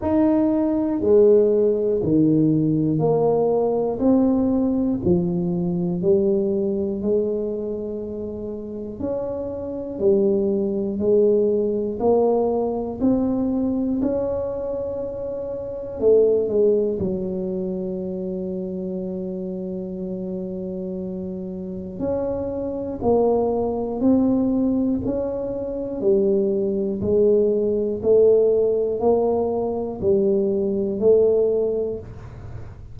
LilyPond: \new Staff \with { instrumentName = "tuba" } { \time 4/4 \tempo 4 = 60 dis'4 gis4 dis4 ais4 | c'4 f4 g4 gis4~ | gis4 cis'4 g4 gis4 | ais4 c'4 cis'2 |
a8 gis8 fis2.~ | fis2 cis'4 ais4 | c'4 cis'4 g4 gis4 | a4 ais4 g4 a4 | }